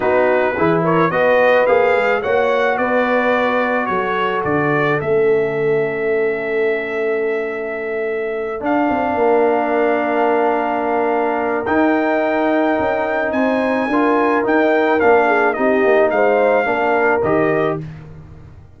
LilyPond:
<<
  \new Staff \with { instrumentName = "trumpet" } { \time 4/4 \tempo 4 = 108 b'4. cis''8 dis''4 f''4 | fis''4 d''2 cis''4 | d''4 e''2.~ | e''2.~ e''8 f''8~ |
f''1~ | f''4 g''2. | gis''2 g''4 f''4 | dis''4 f''2 dis''4 | }
  \new Staff \with { instrumentName = "horn" } { \time 4/4 fis'4 gis'8 ais'8 b'2 | cis''4 b'2 a'4~ | a'1~ | a'1~ |
a'8 ais'2.~ ais'8~ | ais'1 | c''4 ais'2~ ais'8 gis'8 | g'4 c''4 ais'2 | }
  \new Staff \with { instrumentName = "trombone" } { \time 4/4 dis'4 e'4 fis'4 gis'4 | fis'1~ | fis'4 cis'2.~ | cis'2.~ cis'8 d'8~ |
d'1~ | d'4 dis'2.~ | dis'4 f'4 dis'4 d'4 | dis'2 d'4 g'4 | }
  \new Staff \with { instrumentName = "tuba" } { \time 4/4 b4 e4 b4 ais8 gis8 | ais4 b2 fis4 | d4 a2.~ | a2.~ a8 d'8 |
c'8 ais2.~ ais8~ | ais4 dis'2 cis'4 | c'4 d'4 dis'4 ais4 | c'8 ais8 gis4 ais4 dis4 | }
>>